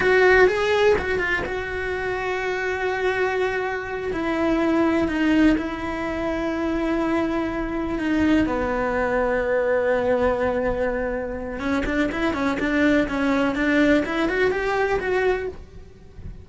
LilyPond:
\new Staff \with { instrumentName = "cello" } { \time 4/4 \tempo 4 = 124 fis'4 gis'4 fis'8 f'8 fis'4~ | fis'1~ | fis'8 e'2 dis'4 e'8~ | e'1~ |
e'8 dis'4 b2~ b8~ | b1 | cis'8 d'8 e'8 cis'8 d'4 cis'4 | d'4 e'8 fis'8 g'4 fis'4 | }